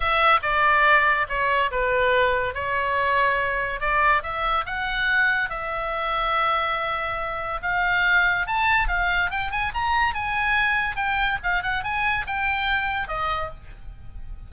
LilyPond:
\new Staff \with { instrumentName = "oboe" } { \time 4/4 \tempo 4 = 142 e''4 d''2 cis''4 | b'2 cis''2~ | cis''4 d''4 e''4 fis''4~ | fis''4 e''2.~ |
e''2 f''2 | a''4 f''4 g''8 gis''8 ais''4 | gis''2 g''4 f''8 fis''8 | gis''4 g''2 dis''4 | }